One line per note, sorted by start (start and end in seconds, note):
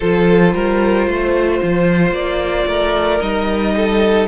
0.00 0.54 F3
0.00 3.20 F4
0.00 0.53 A4
0.00 2.13 C5
0.54 1.07 G3
0.54 1.08 A#4
1.07 1.60 A3
1.07 2.67 C5
1.62 2.11 F3
2.11 2.65 A#3
2.11 3.20 D5
2.66 3.20 A3
2.66 3.74 A#4
3.20 4.28 G3
3.20 4.27 D#4
3.20 4.27 D#5
3.76 4.28 A4